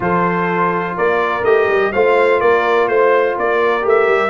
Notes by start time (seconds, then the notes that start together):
0.00 F3 F4 A4 C5
0.96 A#3 A#4 D5
1.43 A3 G4 D#5
1.68 G3
1.92 A3 F4 C5 F5
2.40 A#3 A#4 D5
2.88 A3 C5
3.38 A#3 A#4 D5
3.81 A3 G4
3.88 E5
4.08 G3